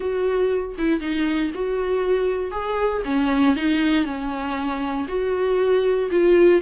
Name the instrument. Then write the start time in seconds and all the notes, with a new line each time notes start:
viola
0.00 F#4
0.78 E4
1.00 D#4
1.54 F#4
2.51 G#4
3.05 C#4
3.55 D#4
4.05 C#4
5.07 F#4
6.10 F4